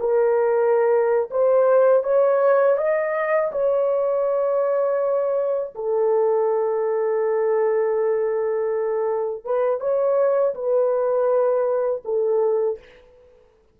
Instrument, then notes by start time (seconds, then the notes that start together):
horn
0.00 A#4
1.31 C5
2.04 C#5
2.77 D#5
3.52 C#5
5.75 A4
9.44 B4
9.80 C#5
10.55 B4
12.05 A4